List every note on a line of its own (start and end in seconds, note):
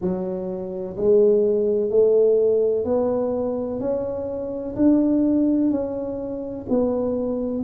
0.01 0.96 F#3
0.97 1.90 G#3
1.90 2.84 A3
2.84 3.80 B3
3.80 4.75 C#4
4.75 5.71 D4
5.71 6.66 C#4
6.69 7.64 B3